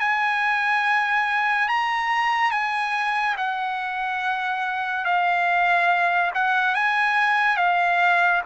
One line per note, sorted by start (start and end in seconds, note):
0.00 1.69 G#5
1.69 2.51 A#5
2.51 3.36 G#5
3.37 5.05 F#5
5.05 6.31 F5
6.35 6.75 F#5
6.75 7.57 G#5
7.57 8.42 F5